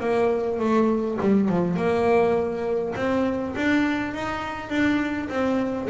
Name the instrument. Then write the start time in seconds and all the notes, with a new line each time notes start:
double bass
0.00 A#3
0.59 A3
1.20 G3
1.48 F3
1.76 A#3
2.95 C4
3.56 D4
4.14 D#4
4.69 D4
5.29 C4